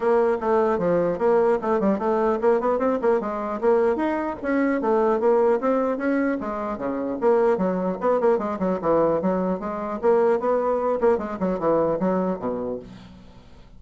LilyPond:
\new Staff \with { instrumentName = "bassoon" } { \time 4/4 \tempo 4 = 150 ais4 a4 f4 ais4 | a8 g8 a4 ais8 b8 c'8 ais8 | gis4 ais4 dis'4 cis'4 | a4 ais4 c'4 cis'4 |
gis4 cis4 ais4 fis4 | b8 ais8 gis8 fis8 e4 fis4 | gis4 ais4 b4. ais8 | gis8 fis8 e4 fis4 b,4 | }